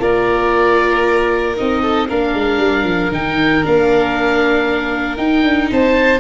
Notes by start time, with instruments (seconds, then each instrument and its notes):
0.00 tuba A#3, viola F4, violin A#4, oboe D5
1.57 tuba C4, viola D#4, oboe D#5
1.82 violin A4
2.09 tuba A#3, viola D4, violin A#4, oboe F5
2.35 tuba G#3
2.59 tuba G3
2.84 tuba F3
3.12 tuba D#3, viola D#4, oboe G5
3.63 tuba A#3, viola D4, oboe F5
5.17 viola D#4, tuba D#4, oboe G5
5.44 tuba D4
5.71 tuba C4, violin C5, oboe A5